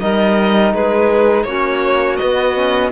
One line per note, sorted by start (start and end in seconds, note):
0.00 0.73 G3
0.00 1.47 D#4
0.00 0.74 A#4
0.00 0.73 D#5
0.73 1.44 G#3
0.73 1.46 G#4
0.73 1.43 B4
1.43 2.17 A#3
1.43 2.20 C#4
1.43 2.92 F#4
1.43 2.16 C#5
2.16 2.55 B3
2.16 2.89 D#5
2.22 2.92 B3
2.55 2.92 C#4